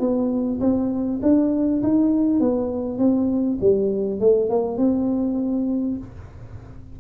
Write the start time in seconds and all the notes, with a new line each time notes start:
0.00 B3
0.61 C4
1.22 D4
1.83 D#4
2.40 B3
2.99 C4
3.61 G3
4.20 A3
4.50 A#3
4.78 C4